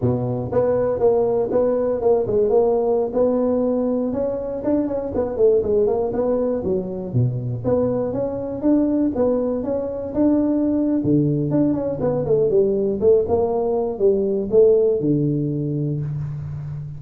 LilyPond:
\new Staff \with { instrumentName = "tuba" } { \time 4/4 \tempo 4 = 120 b,4 b4 ais4 b4 | ais8 gis8 ais4~ ais16 b4.~ b16~ | b16 cis'4 d'8 cis'8 b8 a8 gis8 ais16~ | ais16 b4 fis4 b,4 b8.~ |
b16 cis'4 d'4 b4 cis'8.~ | cis'16 d'4.~ d'16 d4 d'8 cis'8 | b8 a8 g4 a8 ais4. | g4 a4 d2 | }